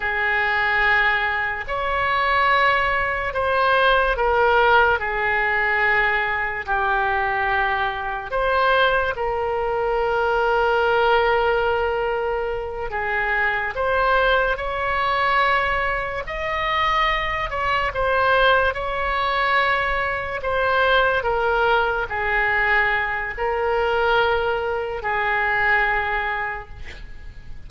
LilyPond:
\new Staff \with { instrumentName = "oboe" } { \time 4/4 \tempo 4 = 72 gis'2 cis''2 | c''4 ais'4 gis'2 | g'2 c''4 ais'4~ | ais'2.~ ais'8 gis'8~ |
gis'8 c''4 cis''2 dis''8~ | dis''4 cis''8 c''4 cis''4.~ | cis''8 c''4 ais'4 gis'4. | ais'2 gis'2 | }